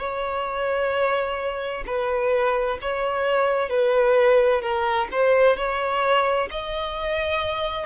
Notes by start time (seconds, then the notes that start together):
0.00 C#5
1.87 B4
2.82 C#5
3.70 B4
4.62 A#4
5.12 C5
5.57 C#5
6.52 D#5